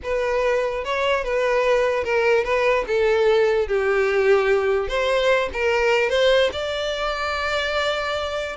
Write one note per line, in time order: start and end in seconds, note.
0.03 0.84 B4
0.84 1.24 C#5
1.24 2.04 B4
2.04 2.44 A#4
2.44 2.84 B4
2.87 3.67 A4
3.67 4.88 G4
4.88 5.49 C5
5.53 6.09 A#4
6.09 6.50 C5
6.52 8.56 D5